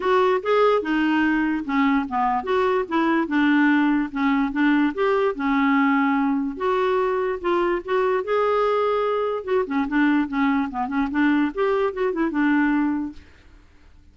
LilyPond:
\new Staff \with { instrumentName = "clarinet" } { \time 4/4 \tempo 4 = 146 fis'4 gis'4 dis'2 | cis'4 b4 fis'4 e'4 | d'2 cis'4 d'4 | g'4 cis'2. |
fis'2 f'4 fis'4 | gis'2. fis'8 cis'8 | d'4 cis'4 b8 cis'8 d'4 | g'4 fis'8 e'8 d'2 | }